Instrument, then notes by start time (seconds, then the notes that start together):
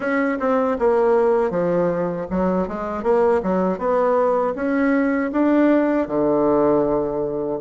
bassoon
0.00 C#4
0.39 C4
0.78 A#3
1.50 F3
2.30 F#3
2.68 G#3
3.03 A#3
3.42 F#3
3.78 B3
4.55 C#4
5.32 D4
6.07 D3